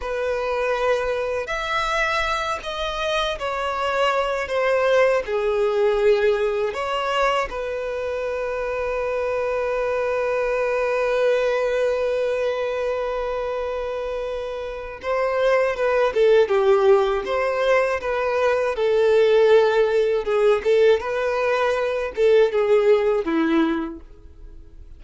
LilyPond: \new Staff \with { instrumentName = "violin" } { \time 4/4 \tempo 4 = 80 b'2 e''4. dis''8~ | dis''8 cis''4. c''4 gis'4~ | gis'4 cis''4 b'2~ | b'1~ |
b'1 | c''4 b'8 a'8 g'4 c''4 | b'4 a'2 gis'8 a'8 | b'4. a'8 gis'4 e'4 | }